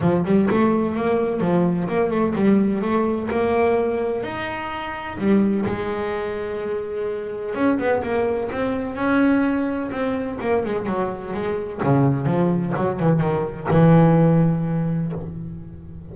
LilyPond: \new Staff \with { instrumentName = "double bass" } { \time 4/4 \tempo 4 = 127 f8 g8 a4 ais4 f4 | ais8 a8 g4 a4 ais4~ | ais4 dis'2 g4 | gis1 |
cis'8 b8 ais4 c'4 cis'4~ | cis'4 c'4 ais8 gis8 fis4 | gis4 cis4 f4 fis8 e8 | dis4 e2. | }